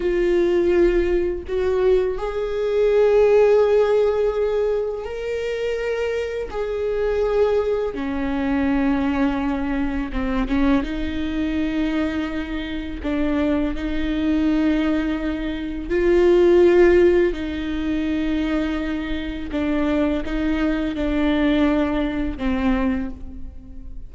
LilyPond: \new Staff \with { instrumentName = "viola" } { \time 4/4 \tempo 4 = 83 f'2 fis'4 gis'4~ | gis'2. ais'4~ | ais'4 gis'2 cis'4~ | cis'2 c'8 cis'8 dis'4~ |
dis'2 d'4 dis'4~ | dis'2 f'2 | dis'2. d'4 | dis'4 d'2 c'4 | }